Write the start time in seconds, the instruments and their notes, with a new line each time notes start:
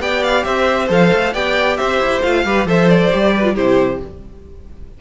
0.00 cello B3, viola G4, violin D5 G5
0.24 violin F5
0.44 cello C4, violin C5 E5
0.88 cello F3, viola A4, violin F5
1.13 cello A3
1.34 cello B3, viola G4, violin D5 G5
1.77 cello C4, violin C5 E5
2.00 cello E4
2.23 cello A3, viola F4, violin F5
2.45 cello G3, viola G4, violin B4
2.65 cello F3, viola A4, violin C5 E5
2.89 violin D5
3.11 cello G3, viola G4
3.36 violin B4
3.44 viola F4
3.55 cello C3, viola E4, violin G4 C5